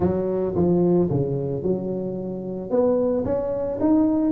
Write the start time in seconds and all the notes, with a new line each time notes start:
0.00 F#3
0.55 F3
1.10 C#3
1.62 F#3
2.70 B3
3.24 C#4
3.80 D#4